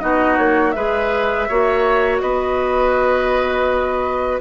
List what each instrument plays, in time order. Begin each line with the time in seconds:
0.00 bassoon B3, clarinet D#4, oboe F#4, flute D#5
0.38 bassoon A#3, flute C#5
0.71 bassoon G#3, clarinet G#4, oboe B4, flute E5
1.49 bassoon A#3, clarinet F#4, oboe C#5
2.20 bassoon B3, oboe B4, flute D#5